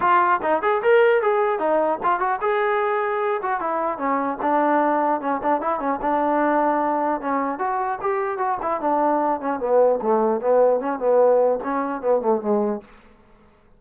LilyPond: \new Staff \with { instrumentName = "trombone" } { \time 4/4 \tempo 4 = 150 f'4 dis'8 gis'8 ais'4 gis'4 | dis'4 f'8 fis'8 gis'2~ | gis'8 fis'8 e'4 cis'4 d'4~ | d'4 cis'8 d'8 e'8 cis'8 d'4~ |
d'2 cis'4 fis'4 | g'4 fis'8 e'8 d'4. cis'8 | b4 a4 b4 cis'8 b8~ | b4 cis'4 b8 a8 gis4 | }